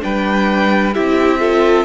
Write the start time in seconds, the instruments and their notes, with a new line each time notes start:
0.00 cello G3, viola D4, violin B4 G5
0.94 cello C4, viola E4, violin G4 E5
1.39 viola F4, violin A4